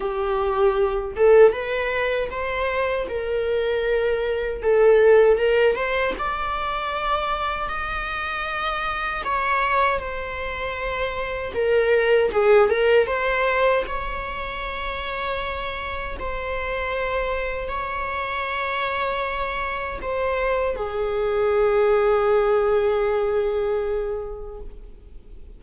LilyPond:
\new Staff \with { instrumentName = "viola" } { \time 4/4 \tempo 4 = 78 g'4. a'8 b'4 c''4 | ais'2 a'4 ais'8 c''8 | d''2 dis''2 | cis''4 c''2 ais'4 |
gis'8 ais'8 c''4 cis''2~ | cis''4 c''2 cis''4~ | cis''2 c''4 gis'4~ | gis'1 | }